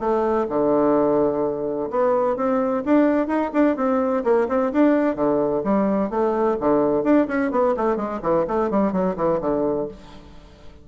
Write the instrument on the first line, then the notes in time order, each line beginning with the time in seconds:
bassoon
0.00 A3
0.49 D3
1.91 B3
2.37 C4
2.86 D4
3.28 D#4
3.53 D4
3.77 C4
4.24 A#3
4.49 C4
4.73 D4
5.16 D3
5.64 G3
6.10 A3
6.60 D3
7.04 D4
7.28 C#4
7.51 B3
7.77 A3
7.97 G#3
8.23 E3
8.48 A3
8.71 G3
8.93 F#3
9.17 E3
9.41 D3